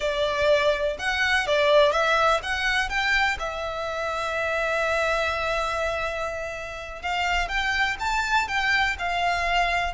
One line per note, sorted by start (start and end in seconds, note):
0.00 0.97 D5
0.98 1.46 F#5
1.46 1.92 D5
1.92 2.40 E5
2.42 2.89 F#5
2.89 3.37 G5
3.39 7.01 E5
7.01 7.48 F5
7.48 7.96 G5
7.99 8.47 A5
8.47 8.96 G5
8.98 9.93 F5